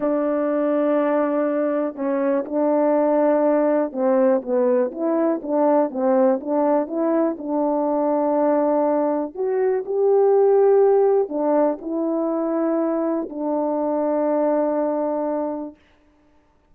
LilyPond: \new Staff \with { instrumentName = "horn" } { \time 4/4 \tempo 4 = 122 d'1 | cis'4 d'2. | c'4 b4 e'4 d'4 | c'4 d'4 e'4 d'4~ |
d'2. fis'4 | g'2. d'4 | e'2. d'4~ | d'1 | }